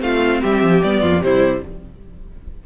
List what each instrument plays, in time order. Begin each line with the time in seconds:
0.00 cello A3, viola C4, violin F4 F5
0.41 cello G3, violin G4 E5
0.63 cello F3
0.83 cello G3, viola B3, violin D5
1.02 cello F2, violin F4
1.21 cello C3, viola G3, violin E4 C5